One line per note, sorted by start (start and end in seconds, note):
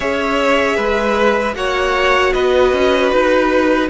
0.00 0.77 C#4
0.00 1.54 G#4
0.00 0.76 C#5
0.00 1.55 E5
0.76 1.54 G#3
0.76 1.54 B4
1.54 2.32 A#3
1.54 3.88 F#4
1.54 2.33 C#5
1.54 2.33 F#5
2.33 2.73 B3
2.33 3.89 B4
2.33 3.10 D#5
2.73 3.12 C#4
3.10 3.90 D#4
3.10 3.88 B4